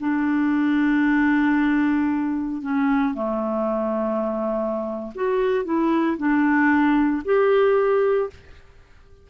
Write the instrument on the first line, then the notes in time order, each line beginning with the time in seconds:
clarinet
0.00 D4
2.62 C#4
3.15 A3
5.15 F#4
5.65 E4
6.17 D4
7.25 G4